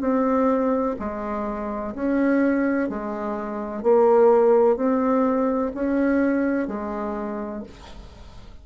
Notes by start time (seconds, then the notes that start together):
0.00 C4
0.99 G#3
1.94 C#4
2.89 G#3
3.82 A#3
4.76 C4
5.74 C#4
6.68 G#3